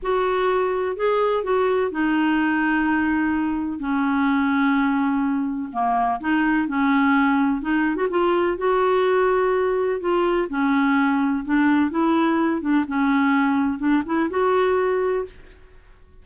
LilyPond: \new Staff \with { instrumentName = "clarinet" } { \time 4/4 \tempo 4 = 126 fis'2 gis'4 fis'4 | dis'1 | cis'1 | ais4 dis'4 cis'2 |
dis'8. fis'16 f'4 fis'2~ | fis'4 f'4 cis'2 | d'4 e'4. d'8 cis'4~ | cis'4 d'8 e'8 fis'2 | }